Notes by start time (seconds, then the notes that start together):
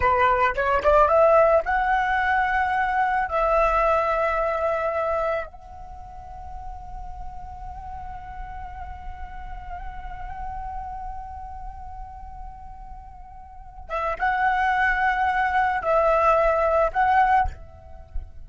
0.00 B4
0.55 C#5
0.83 D5
1.08 E5
1.65 F#5
3.29 E5
5.46 F#5
13.89 E5
14.18 F#5
15.82 E5
16.92 F#5